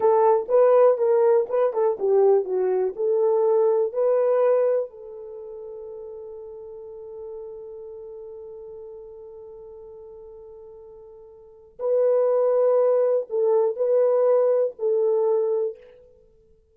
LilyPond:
\new Staff \with { instrumentName = "horn" } { \time 4/4 \tempo 4 = 122 a'4 b'4 ais'4 b'8 a'8 | g'4 fis'4 a'2 | b'2 a'2~ | a'1~ |
a'1~ | a'1 | b'2. a'4 | b'2 a'2 | }